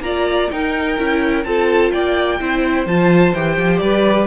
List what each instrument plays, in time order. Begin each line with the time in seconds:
0.00 cello A#3, viola F4, violin D5 A#5
0.51 viola D#4, cello D#4, violin A#4 G5
0.98 cello C#4, viola E4
1.44 cello C4, viola F4, violin A4 A5
1.92 cello A#3, violin D5 G5
2.40 cello C4, viola E4, violin C5
2.86 cello F3, viola F4, violin A5
3.34 cello E3, viola G4, violin G5
3.57 cello F3
3.78 cello G3, violin B4 D5